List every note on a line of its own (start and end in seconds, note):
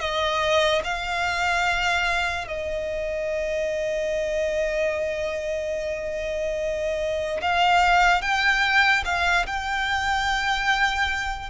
0.00 0.82 D#5
0.84 2.48 F5
2.48 7.41 D#5
7.42 8.22 F5
8.22 9.04 G5
9.05 9.46 F5
9.47 11.50 G5